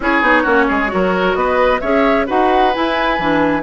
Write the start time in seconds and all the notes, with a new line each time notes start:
0.00 C#4 E4 G#4 C#5
0.21 B3 D#4
0.42 A#3 C#4 F#4
0.68 G#3 G#4
0.87 F#4
0.93 F#3 A#4
1.34 B3 B4 D#5
1.80 C#4 G#4 C#5 E5
2.26 D#4 F#4 B4 F#5
2.73 E4 G#5
3.18 E3 D4